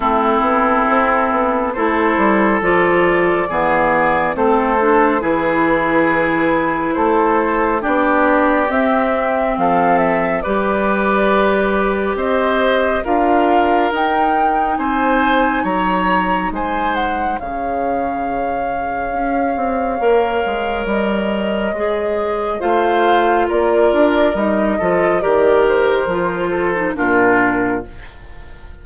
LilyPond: <<
  \new Staff \with { instrumentName = "flute" } { \time 4/4 \tempo 4 = 69 a'2 c''4 d''4~ | d''4 c''4 b'2 | c''4 d''4 e''4 f''8 e''8 | d''2 dis''4 f''4 |
g''4 gis''4 ais''4 gis''8 fis''8 | f''1 | dis''2 f''4 d''4 | dis''4 d''8 c''4. ais'4 | }
  \new Staff \with { instrumentName = "oboe" } { \time 4/4 e'2 a'2 | gis'4 a'4 gis'2 | a'4 g'2 a'4 | b'2 c''4 ais'4~ |
ais'4 c''4 cis''4 c''4 | cis''1~ | cis''2 c''4 ais'4~ | ais'8 a'8 ais'4. a'8 f'4 | }
  \new Staff \with { instrumentName = "clarinet" } { \time 4/4 c'2 e'4 f'4 | b4 c'8 d'8 e'2~ | e'4 d'4 c'2 | g'2. f'4 |
dis'1 | gis'2. ais'4~ | ais'4 gis'4 f'2 | dis'8 f'8 g'4 f'8. dis'16 d'4 | }
  \new Staff \with { instrumentName = "bassoon" } { \time 4/4 a8 b8 c'8 b8 a8 g8 f4 | e4 a4 e2 | a4 b4 c'4 f4 | g2 c'4 d'4 |
dis'4 c'4 fis4 gis4 | cis2 cis'8 c'8 ais8 gis8 | g4 gis4 a4 ais8 d'8 | g8 f8 dis4 f4 ais,4 | }
>>